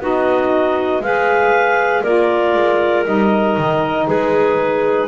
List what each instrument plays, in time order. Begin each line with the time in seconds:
0.00 double bass B3, saxophone D#4, clarinet F#4 D#5
1.00 double bass G#3, saxophone G#4, clarinet B4 F5
2.03 double bass A#3, saxophone F4, clarinet A#4 D5
2.55 double bass G#3
3.05 double bass G3, saxophone D#4, clarinet D#5
3.58 double bass D#3
4.07 double bass G#3, clarinet G#4 B4